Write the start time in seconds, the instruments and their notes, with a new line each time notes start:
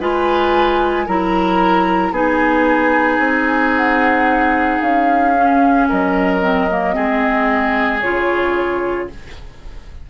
0.00 bassoon G#3, clarinet F4, oboe B4, flute G#5
1.06 bassoon F#3, clarinet E4, oboe A#4, flute A#5
2.12 bassoon B3, clarinet D#4, oboe G#4, flute G#5
3.19 bassoon C4
3.77 flute F#5
4.82 bassoon C#4, flute F5
5.36 clarinet C#4
5.89 bassoon F#3, oboe A#4, flute D#5
6.42 clarinet C4
6.71 clarinet A#3
6.94 bassoon G#3, clarinet C4, oboe G#4
8.01 bassoon C#3, clarinet F4, flute C#5